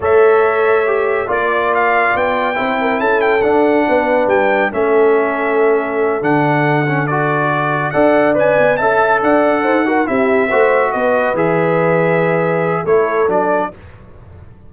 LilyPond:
<<
  \new Staff \with { instrumentName = "trumpet" } { \time 4/4 \tempo 4 = 140 e''2. d''4 | f''4 g''2 a''8 g''8 | fis''2 g''4 e''4~ | e''2~ e''8 fis''4.~ |
fis''8 d''2 fis''4 gis''8~ | gis''8 a''4 fis''2 e''8~ | e''4. dis''4 e''4.~ | e''2 cis''4 d''4 | }
  \new Staff \with { instrumentName = "horn" } { \time 4/4 cis''2. d''4~ | d''2 c''8 ais'8 a'4~ | a'4 b'2 a'4~ | a'1~ |
a'2~ a'8 d''4.~ | d''8 e''4 d''4 c''8 ais'8 g'8~ | g'8 c''4 b'2~ b'8~ | b'2 a'2 | }
  \new Staff \with { instrumentName = "trombone" } { \time 4/4 a'2 g'4 f'4~ | f'2 e'2 | d'2. cis'4~ | cis'2~ cis'8 d'4. |
cis'8 fis'2 a'4 b'8~ | b'8 a'2~ a'8 fis'8 e'8~ | e'8 fis'2 gis'4.~ | gis'2 e'4 d'4 | }
  \new Staff \with { instrumentName = "tuba" } { \time 4/4 a2. ais4~ | ais4 b4 c'4 cis'4 | d'4 b4 g4 a4~ | a2~ a8 d4.~ |
d2~ d8 d'4 cis'8 | b8 cis'4 d'4 dis'4 c'8~ | c'8 a4 b4 e4.~ | e2 a4 fis4 | }
>>